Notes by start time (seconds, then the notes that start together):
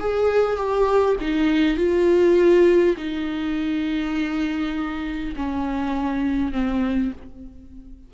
0.00 G#4
0.57 G4
1.21 D#4
1.77 F4
2.97 D#4
5.36 C#4
6.52 C4